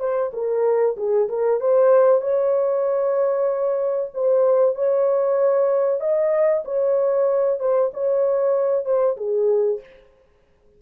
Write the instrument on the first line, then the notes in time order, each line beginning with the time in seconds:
horn
0.00 C5
0.33 A#4
0.97 G#4
1.29 A#4
1.61 C5
2.22 C#5
4.14 C5
4.75 C#5
6.01 D#5
6.65 C#5
7.60 C5
7.94 C#5
8.85 C5
9.17 G#4